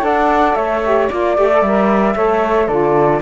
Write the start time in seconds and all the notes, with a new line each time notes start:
0.00 D4 A4 D5 F#5
0.54 A3 C#5 E5
0.85 G4
1.09 A#3 F4 D5
1.36 A3 G4
1.51 A4
1.61 G3 A#4 E5
2.15 A3 A4 C#5
2.67 D3 F4 A4 D5